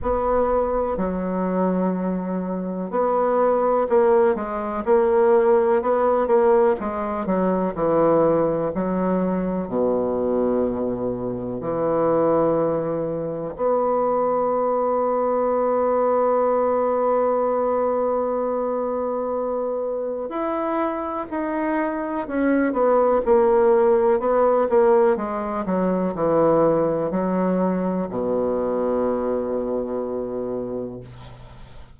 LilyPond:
\new Staff \with { instrumentName = "bassoon" } { \time 4/4 \tempo 4 = 62 b4 fis2 b4 | ais8 gis8 ais4 b8 ais8 gis8 fis8 | e4 fis4 b,2 | e2 b2~ |
b1~ | b4 e'4 dis'4 cis'8 b8 | ais4 b8 ais8 gis8 fis8 e4 | fis4 b,2. | }